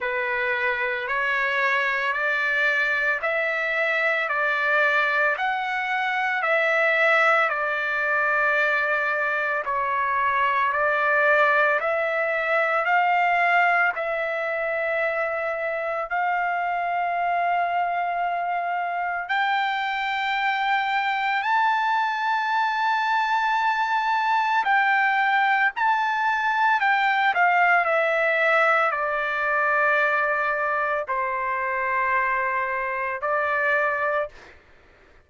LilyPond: \new Staff \with { instrumentName = "trumpet" } { \time 4/4 \tempo 4 = 56 b'4 cis''4 d''4 e''4 | d''4 fis''4 e''4 d''4~ | d''4 cis''4 d''4 e''4 | f''4 e''2 f''4~ |
f''2 g''2 | a''2. g''4 | a''4 g''8 f''8 e''4 d''4~ | d''4 c''2 d''4 | }